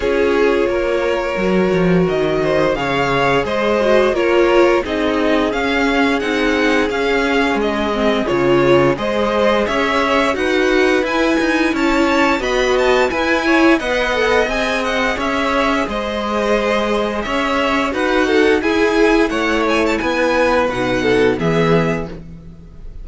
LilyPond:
<<
  \new Staff \with { instrumentName = "violin" } { \time 4/4 \tempo 4 = 87 cis''2. dis''4 | f''4 dis''4 cis''4 dis''4 | f''4 fis''4 f''4 dis''4 | cis''4 dis''4 e''4 fis''4 |
gis''4 a''4 b''8 a''8 gis''4 | fis''4 gis''8 fis''8 e''4 dis''4~ | dis''4 e''4 fis''4 gis''4 | fis''8 gis''16 a''16 gis''4 fis''4 e''4 | }
  \new Staff \with { instrumentName = "violin" } { \time 4/4 gis'4 ais'2~ ais'8 c''8 | cis''4 c''4 ais'4 gis'4~ | gis'1~ | gis'4 c''4 cis''4 b'4~ |
b'4 cis''4 dis''4 b'8 cis''8 | dis''2 cis''4 c''4~ | c''4 cis''4 b'8 a'8 gis'4 | cis''4 b'4. a'8 gis'4 | }
  \new Staff \with { instrumentName = "viola" } { \time 4/4 f'2 fis'2 | gis'4. fis'8 f'4 dis'4 | cis'4 dis'4 cis'4. c'8 | f'4 gis'2 fis'4 |
e'2 fis'4 e'4 | b'8 a'8 gis'2.~ | gis'2 fis'4 e'4~ | e'2 dis'4 b4 | }
  \new Staff \with { instrumentName = "cello" } { \time 4/4 cis'4 ais4 fis8 f8 dis4 | cis4 gis4 ais4 c'4 | cis'4 c'4 cis'4 gis4 | cis4 gis4 cis'4 dis'4 |
e'8 dis'8 cis'4 b4 e'4 | b4 c'4 cis'4 gis4~ | gis4 cis'4 dis'4 e'4 | a4 b4 b,4 e4 | }
>>